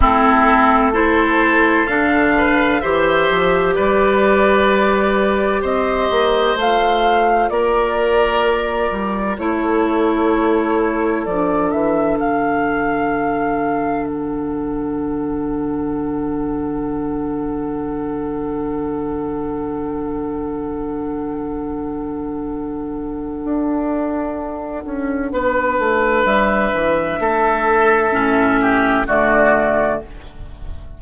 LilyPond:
<<
  \new Staff \with { instrumentName = "flute" } { \time 4/4 \tempo 4 = 64 a'4 c''4 f''4 e''4 | d''2 dis''4 f''4 | d''2 cis''2 | d''8 e''8 f''2 fis''4~ |
fis''1~ | fis''1~ | fis''1 | e''2. d''4 | }
  \new Staff \with { instrumentName = "oboe" } { \time 4/4 e'4 a'4. b'8 c''4 | b'2 c''2 | ais'2 a'2~ | a'1~ |
a'1~ | a'1~ | a'2. b'4~ | b'4 a'4. g'8 fis'4 | }
  \new Staff \with { instrumentName = "clarinet" } { \time 4/4 c'4 e'4 d'4 g'4~ | g'2. f'4~ | f'2 e'2 | d'1~ |
d'1~ | d'1~ | d'1~ | d'2 cis'4 a4 | }
  \new Staff \with { instrumentName = "bassoon" } { \time 4/4 a2 d4 e8 f8 | g2 c'8 ais8 a4 | ais4. g8 a2 | f8 e8 d2.~ |
d1~ | d1~ | d4 d'4. cis'8 b8 a8 | g8 e8 a4 a,4 d4 | }
>>